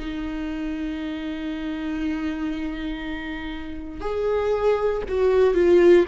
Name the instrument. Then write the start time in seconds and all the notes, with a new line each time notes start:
viola
0.00 D#4
4.01 G#4
5.09 F#4
5.55 F4